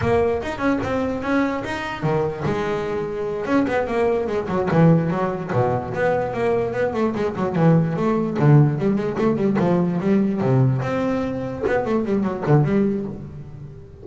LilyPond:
\new Staff \with { instrumentName = "double bass" } { \time 4/4 \tempo 4 = 147 ais4 dis'8 cis'8 c'4 cis'4 | dis'4 dis4 gis2~ | gis8 cis'8 b8 ais4 gis8 fis8 e8~ | e8 fis4 b,4 b4 ais8~ |
ais8 b8 a8 gis8 fis8 e4 a8~ | a8 d4 g8 gis8 a8 g8 f8~ | f8 g4 c4 c'4.~ | c'8 b8 a8 g8 fis8 d8 g4 | }